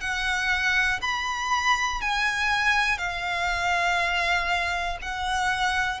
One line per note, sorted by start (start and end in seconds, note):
0.00 1.00 F#5
1.01 2.00 B5
2.00 2.98 G#5
2.98 4.98 F5
5.01 6.00 F#5